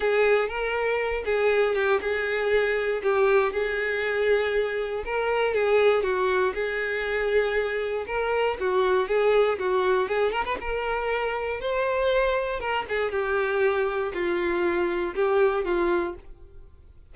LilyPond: \new Staff \with { instrumentName = "violin" } { \time 4/4 \tempo 4 = 119 gis'4 ais'4. gis'4 g'8 | gis'2 g'4 gis'4~ | gis'2 ais'4 gis'4 | fis'4 gis'2. |
ais'4 fis'4 gis'4 fis'4 | gis'8 ais'16 b'16 ais'2 c''4~ | c''4 ais'8 gis'8 g'2 | f'2 g'4 f'4 | }